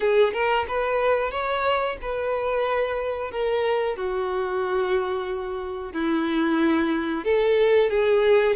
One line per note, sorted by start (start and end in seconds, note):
0.00 0.33 G#4
0.33 0.66 A#4
0.68 1.31 B4
1.31 1.97 C#5
2.01 3.31 B4
3.31 3.96 A#4
3.96 5.92 F#4
5.92 7.24 E4
7.24 7.90 A4
7.90 8.56 G#4